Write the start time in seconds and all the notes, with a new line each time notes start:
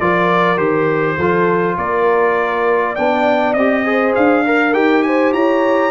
0.00 F3 F4 A#4 D5
0.57 D#3 G4 C5
1.17 F3 F4 A4
1.76 A#3 A#4 D5
2.93 B3 D4 D5 G5
3.53 C4 G4 D#5
3.84 G#4 C5
4.15 D4 F5
4.45 A#4
4.73 D#4 G4 G5
5.02 C5 G#5
5.32 E4 C#5 A#5